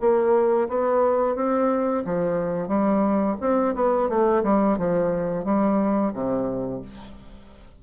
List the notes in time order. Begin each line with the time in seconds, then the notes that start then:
0.00 A#3
0.68 B3
1.35 C4
2.05 F3
2.68 G3
3.41 C4
3.75 B3
4.09 A3
4.43 G3
4.78 F3
5.45 G3
6.13 C3